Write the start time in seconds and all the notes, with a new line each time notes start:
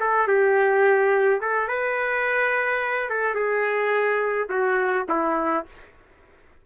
0.00 A4
0.27 G4
1.40 A4
1.68 B4
3.09 A4
3.34 G#4
4.49 F#4
5.09 E4